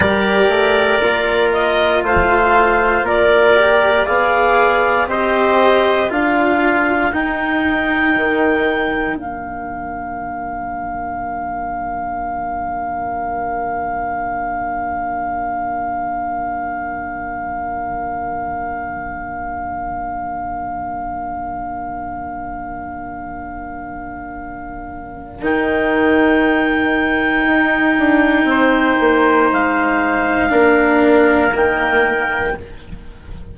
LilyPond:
<<
  \new Staff \with { instrumentName = "clarinet" } { \time 4/4 \tempo 4 = 59 d''4. dis''8 f''4 d''4 | f''4 dis''4 f''4 g''4~ | g''4 f''2.~ | f''1~ |
f''1~ | f''1~ | f''4 g''2.~ | g''4 f''2 g''4 | }
  \new Staff \with { instrumentName = "trumpet" } { \time 4/4 ais'2 c''4 ais'4 | d''4 c''4 ais'2~ | ais'1~ | ais'1~ |
ais'1~ | ais'1~ | ais'1 | c''2 ais'2 | }
  \new Staff \with { instrumentName = "cello" } { \time 4/4 g'4 f'2~ f'8 g'8 | gis'4 g'4 f'4 dis'4~ | dis'4 d'2.~ | d'1~ |
d'1~ | d'1~ | d'4 dis'2.~ | dis'2 d'4 ais4 | }
  \new Staff \with { instrumentName = "bassoon" } { \time 4/4 g8 a8 ais4 a4 ais4 | b4 c'4 d'4 dis'4 | dis4 ais2.~ | ais1~ |
ais1~ | ais1~ | ais4 dis2 dis'8 d'8 | c'8 ais8 gis4 ais4 dis4 | }
>>